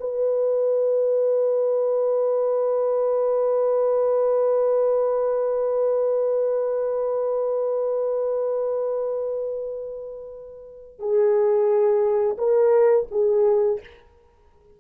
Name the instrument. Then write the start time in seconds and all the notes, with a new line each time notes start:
horn
0.00 B4
10.99 G#4
12.38 A#4
13.11 G#4